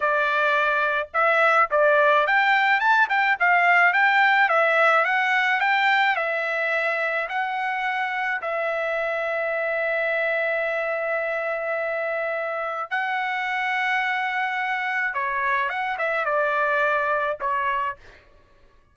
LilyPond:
\new Staff \with { instrumentName = "trumpet" } { \time 4/4 \tempo 4 = 107 d''2 e''4 d''4 | g''4 a''8 g''8 f''4 g''4 | e''4 fis''4 g''4 e''4~ | e''4 fis''2 e''4~ |
e''1~ | e''2. fis''4~ | fis''2. cis''4 | fis''8 e''8 d''2 cis''4 | }